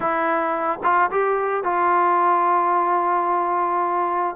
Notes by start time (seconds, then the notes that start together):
0.00 E4
0.83 F4
1.11 G4
1.63 F4